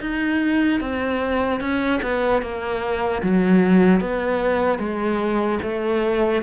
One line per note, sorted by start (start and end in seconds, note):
0.00 0.80 D#4
0.80 1.60 C4
1.60 2.00 C#4
2.02 2.41 B3
2.41 3.21 A#3
3.22 4.00 F#3
4.00 4.78 B3
4.78 5.58 G#3
5.62 6.42 A3